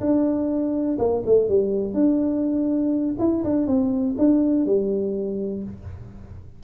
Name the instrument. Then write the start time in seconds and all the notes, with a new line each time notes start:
tuba
0.00 D4
0.98 A#3
1.26 A3
1.49 G3
1.94 D4
3.19 E4
3.44 D4
3.67 C4
4.18 D4
4.66 G3